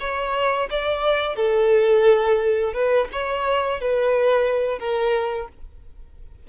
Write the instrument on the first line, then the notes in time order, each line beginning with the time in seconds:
violin
0.00 C#5
0.71 D5
1.36 A4
2.74 B4
3.13 C#5
3.81 B4
4.79 A#4